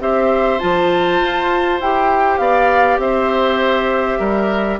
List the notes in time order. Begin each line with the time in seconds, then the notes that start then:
0.00 C4 G4 C5 E5
0.59 F3 F4 A5
1.20 F4
1.80 E4 G4 G5
2.38 B3 D5 F5
2.98 C4 C5 E5
4.19 G3 A#4